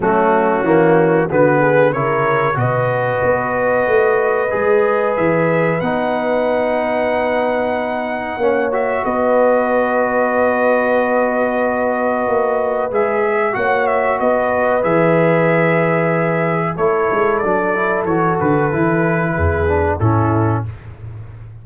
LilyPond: <<
  \new Staff \with { instrumentName = "trumpet" } { \time 4/4 \tempo 4 = 93 fis'2 b'4 cis''4 | dis''1 | e''4 fis''2.~ | fis''4. e''8 dis''2~ |
dis''1 | e''4 fis''8 e''8 dis''4 e''4~ | e''2 cis''4 d''4 | cis''8 b'2~ b'8 a'4 | }
  \new Staff \with { instrumentName = "horn" } { \time 4/4 cis'2 fis'8 gis'8 ais'4 | b'1~ | b'1~ | b'4 cis''4 b'2~ |
b'1~ | b'4 cis''4 b'2~ | b'2 a'2~ | a'2 gis'4 e'4 | }
  \new Staff \with { instrumentName = "trombone" } { \time 4/4 a4 ais4 b4 e'4 | fis'2. gis'4~ | gis'4 dis'2.~ | dis'4 cis'8 fis'2~ fis'8~ |
fis'1 | gis'4 fis'2 gis'4~ | gis'2 e'4 d'8 e'8 | fis'4 e'4. d'8 cis'4 | }
  \new Staff \with { instrumentName = "tuba" } { \time 4/4 fis4 e4 d4 cis4 | b,4 b4 a4 gis4 | e4 b2.~ | b4 ais4 b2~ |
b2. ais4 | gis4 ais4 b4 e4~ | e2 a8 gis8 fis4 | e8 d8 e4 e,4 a,4 | }
>>